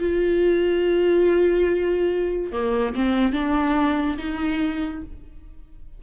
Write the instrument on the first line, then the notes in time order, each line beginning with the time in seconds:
viola
0.00 F4
2.52 A#3
2.95 C4
3.33 D4
4.18 D#4